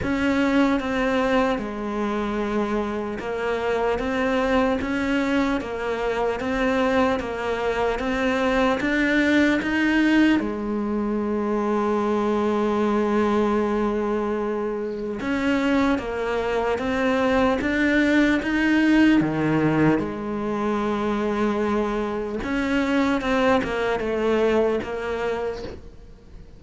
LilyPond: \new Staff \with { instrumentName = "cello" } { \time 4/4 \tempo 4 = 75 cis'4 c'4 gis2 | ais4 c'4 cis'4 ais4 | c'4 ais4 c'4 d'4 | dis'4 gis2.~ |
gis2. cis'4 | ais4 c'4 d'4 dis'4 | dis4 gis2. | cis'4 c'8 ais8 a4 ais4 | }